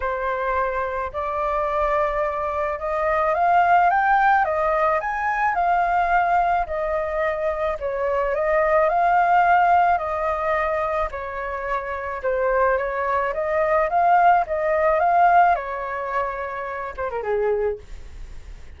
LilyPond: \new Staff \with { instrumentName = "flute" } { \time 4/4 \tempo 4 = 108 c''2 d''2~ | d''4 dis''4 f''4 g''4 | dis''4 gis''4 f''2 | dis''2 cis''4 dis''4 |
f''2 dis''2 | cis''2 c''4 cis''4 | dis''4 f''4 dis''4 f''4 | cis''2~ cis''8 c''16 ais'16 gis'4 | }